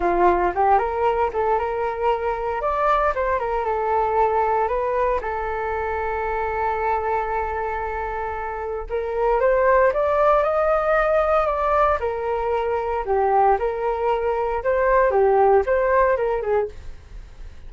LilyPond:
\new Staff \with { instrumentName = "flute" } { \time 4/4 \tempo 4 = 115 f'4 g'8 ais'4 a'8 ais'4~ | ais'4 d''4 c''8 ais'8 a'4~ | a'4 b'4 a'2~ | a'1~ |
a'4 ais'4 c''4 d''4 | dis''2 d''4 ais'4~ | ais'4 g'4 ais'2 | c''4 g'4 c''4 ais'8 gis'8 | }